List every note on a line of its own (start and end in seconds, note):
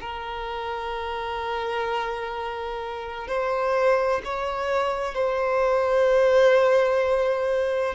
0.00 3.28 A#4
3.28 4.21 C5
4.24 5.14 C#5
5.14 7.95 C5